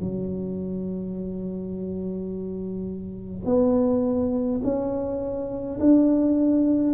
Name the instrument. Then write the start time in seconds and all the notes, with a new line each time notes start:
tuba
0.00 F#3
3.45 B3
4.64 C#4
5.79 D4